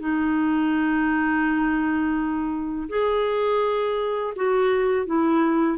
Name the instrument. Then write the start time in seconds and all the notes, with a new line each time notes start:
clarinet
0.00 D#4
2.89 G#4
4.36 F#4
5.06 E4